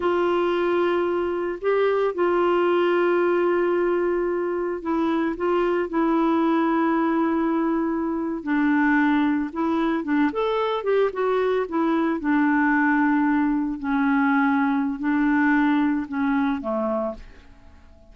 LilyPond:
\new Staff \with { instrumentName = "clarinet" } { \time 4/4 \tempo 4 = 112 f'2. g'4 | f'1~ | f'4 e'4 f'4 e'4~ | e'2.~ e'8. d'16~ |
d'4.~ d'16 e'4 d'8 a'8.~ | a'16 g'8 fis'4 e'4 d'4~ d'16~ | d'4.~ d'16 cis'2~ cis'16 | d'2 cis'4 a4 | }